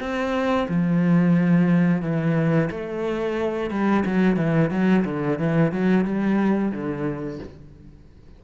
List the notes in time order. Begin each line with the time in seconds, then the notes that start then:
0.00 C4
0.68 F3
2.02 E3
2.71 A3
3.70 G3
4.06 F#3
4.37 E3
4.71 F#3
5.05 D3
5.39 E3
5.72 F#3
6.05 G3
6.72 D3